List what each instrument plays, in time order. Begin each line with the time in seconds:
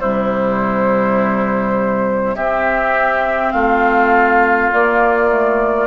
0.00 bassoon C3, clarinet G3, oboe E4, flute C5
2.36 bassoon C4, clarinet C4, oboe G4, flute E5
3.51 bassoon A3, oboe F4, flute F5
4.72 clarinet A#3, bassoon A#3, flute D5
5.28 clarinet A3